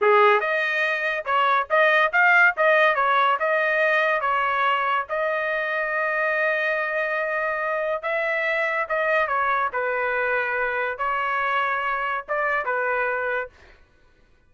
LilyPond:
\new Staff \with { instrumentName = "trumpet" } { \time 4/4 \tempo 4 = 142 gis'4 dis''2 cis''4 | dis''4 f''4 dis''4 cis''4 | dis''2 cis''2 | dis''1~ |
dis''2. e''4~ | e''4 dis''4 cis''4 b'4~ | b'2 cis''2~ | cis''4 d''4 b'2 | }